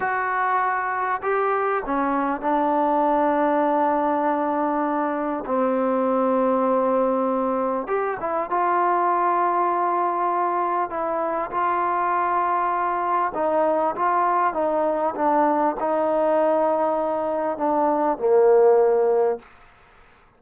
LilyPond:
\new Staff \with { instrumentName = "trombone" } { \time 4/4 \tempo 4 = 99 fis'2 g'4 cis'4 | d'1~ | d'4 c'2.~ | c'4 g'8 e'8 f'2~ |
f'2 e'4 f'4~ | f'2 dis'4 f'4 | dis'4 d'4 dis'2~ | dis'4 d'4 ais2 | }